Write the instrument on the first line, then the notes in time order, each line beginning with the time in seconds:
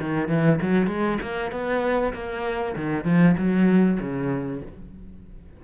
cello
0.00 D#3
0.28 E3
0.61 F#3
0.87 G#3
1.22 A#3
1.51 B3
2.13 A#3
2.76 D#3
3.05 F3
3.37 F#3
4.00 C#3